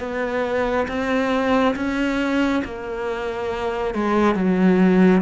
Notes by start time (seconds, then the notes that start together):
0.00 B3
0.88 C4
1.76 C#4
2.65 A#3
3.95 G#3
4.36 F#3